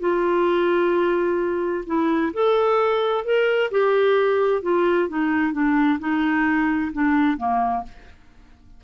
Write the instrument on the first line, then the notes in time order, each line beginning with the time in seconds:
clarinet
0.00 F4
1.87 E4
2.34 A4
3.25 A#4
3.71 G4
4.62 F4
5.09 D#4
5.53 D4
6.00 D#4
6.93 D4
7.37 A#3